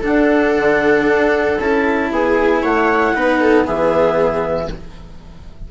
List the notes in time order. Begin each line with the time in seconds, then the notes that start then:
0.00 D4 A4 F#5
0.06 D4
0.57 D3
1.08 D4
1.59 C#4 E4 A5
2.11 B3 G#4 G#5
2.62 A3 C#5 F#5
3.14 B3 D#4 B4
3.40 A4
3.64 E3 B3 G#4 E5